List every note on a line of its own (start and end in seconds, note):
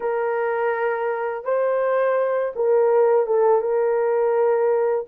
0.00 1.44 A#4
1.44 2.53 C5
2.55 3.26 A#4
3.26 3.61 A4
3.61 5.05 A#4